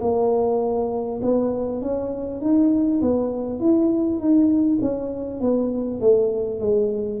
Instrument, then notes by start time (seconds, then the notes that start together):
tuba
0.00 A#3
1.22 B3
1.81 C#4
2.40 D#4
3.01 B3
3.59 E4
4.18 D#4
4.81 C#4
5.40 B3
6.00 A3
6.59 G#3